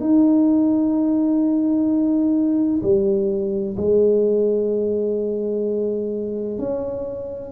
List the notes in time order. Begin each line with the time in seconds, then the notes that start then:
0.00 D#4
2.83 G3
3.77 G#3
6.58 C#4